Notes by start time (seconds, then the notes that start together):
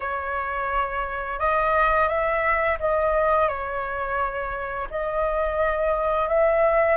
0.00 C#5
1.39 D#5
2.08 E5
2.79 D#5
3.48 C#5
4.90 D#5
6.28 E5